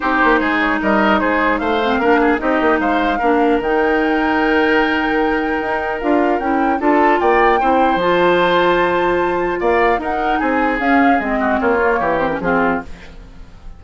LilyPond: <<
  \new Staff \with { instrumentName = "flute" } { \time 4/4 \tempo 4 = 150 c''4. cis''8 dis''4 c''4 | f''2 dis''4 f''4~ | f''4 g''2.~ | g''2. f''4 |
g''4 a''4 g''2 | a''1 | f''4 fis''4 gis''4 f''4 | dis''4 cis''4. c''16 ais'16 gis'4 | }
  \new Staff \with { instrumentName = "oboe" } { \time 4/4 g'4 gis'4 ais'4 gis'4 | c''4 ais'8 gis'8 g'4 c''4 | ais'1~ | ais'1~ |
ais'4 a'4 d''4 c''4~ | c''1 | d''4 ais'4 gis'2~ | gis'8 fis'8 f'4 g'4 f'4 | }
  \new Staff \with { instrumentName = "clarinet" } { \time 4/4 dis'1~ | dis'8 c'8 d'4 dis'2 | d'4 dis'2.~ | dis'2. f'4 |
e'4 f'2 e'4 | f'1~ | f'4 dis'2 cis'4 | c'4. ais4 c'16 cis'16 c'4 | }
  \new Staff \with { instrumentName = "bassoon" } { \time 4/4 c'8 ais8 gis4 g4 gis4 | a4 ais4 c'8 ais8 gis4 | ais4 dis2.~ | dis2 dis'4 d'4 |
cis'4 d'4 ais4 c'4 | f1 | ais4 dis'4 c'4 cis'4 | gis4 ais4 e4 f4 | }
>>